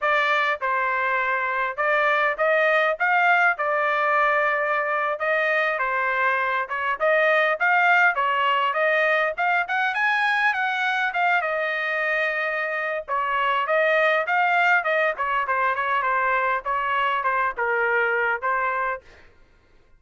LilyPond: \new Staff \with { instrumentName = "trumpet" } { \time 4/4 \tempo 4 = 101 d''4 c''2 d''4 | dis''4 f''4 d''2~ | d''8. dis''4 c''4. cis''8 dis''16~ | dis''8. f''4 cis''4 dis''4 f''16~ |
f''16 fis''8 gis''4 fis''4 f''8 dis''8.~ | dis''2 cis''4 dis''4 | f''4 dis''8 cis''8 c''8 cis''8 c''4 | cis''4 c''8 ais'4. c''4 | }